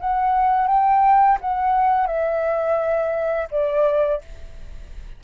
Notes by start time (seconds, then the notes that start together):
0.00 F#5
0.68 G5
1.41 F#5
2.07 E5
3.51 D5